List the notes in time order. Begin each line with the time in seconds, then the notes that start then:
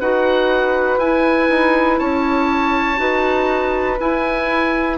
0.00 D#4 F#4 B4 F#5
0.98 E4 G#5
1.49 D#4
1.99 C#4 C#5 A5
2.97 D#4 F#4 B4
4.00 E4 G#5